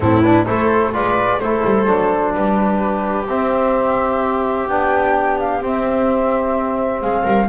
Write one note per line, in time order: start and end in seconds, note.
0.00 0.45 A2
0.00 0.23 C4
0.00 0.46 E4
0.00 0.20 A4
0.20 0.46 D4
0.20 0.44 B4
0.46 0.95 A3
0.46 0.92 E4
0.46 0.93 A4
0.46 0.93 C5
0.92 1.39 G#3
0.92 1.39 F4
0.92 1.41 B4
0.92 1.39 D5
1.39 1.62 A3
1.39 1.86 E4
1.39 2.36 A4
1.39 2.33 C5
1.64 1.87 G3
1.86 2.34 F#3
1.86 3.26 D4
2.33 3.28 G3
2.33 7.02 G4
2.33 3.27 B4
3.28 4.68 C4
3.28 4.69 C4
3.28 4.68 E5
4.68 5.61 B3
4.68 5.61 D4
4.68 5.38 G5
5.39 5.62 F5
5.61 7.48 C4
5.61 7.01 C4
5.61 7.01 E5
7.01 7.25 G#3
7.01 7.23 G#4
7.01 7.48 F5
7.23 7.48 G3
7.23 7.47 A#4